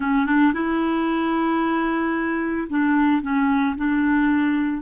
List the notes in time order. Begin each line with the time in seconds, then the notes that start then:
0.00 C#4
0.26 D4
0.53 E4
2.69 D4
3.22 C#4
3.76 D4